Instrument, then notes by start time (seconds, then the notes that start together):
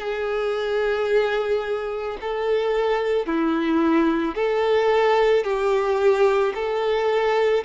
violin
0.00 G#4
2.21 A4
3.27 E4
4.35 A4
5.44 G4
6.55 A4